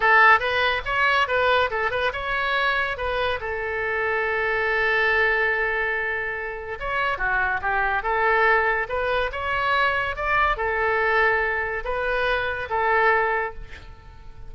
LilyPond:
\new Staff \with { instrumentName = "oboe" } { \time 4/4 \tempo 4 = 142 a'4 b'4 cis''4 b'4 | a'8 b'8 cis''2 b'4 | a'1~ | a'1 |
cis''4 fis'4 g'4 a'4~ | a'4 b'4 cis''2 | d''4 a'2. | b'2 a'2 | }